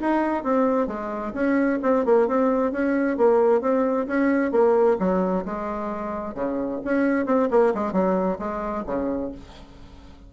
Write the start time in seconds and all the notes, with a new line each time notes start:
0.00 D#4
0.43 C4
0.87 G#3
1.33 C#4
1.82 C4
2.05 A#3
2.27 C4
2.72 C#4
3.17 A#3
3.61 C4
4.07 C#4
4.51 A#3
4.99 F#3
5.45 G#3
6.34 C#3
6.84 C#4
7.26 C4
7.50 A#3
7.74 G#3
7.92 F#3
8.38 G#3
8.86 C#3